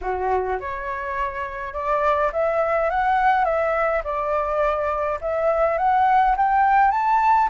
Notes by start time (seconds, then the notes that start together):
0.01 F#4
0.60 C#5
1.73 D5
2.32 E5
2.90 F#5
3.44 E5
4.04 D5
5.21 E5
5.77 F#5
6.36 G5
6.91 A5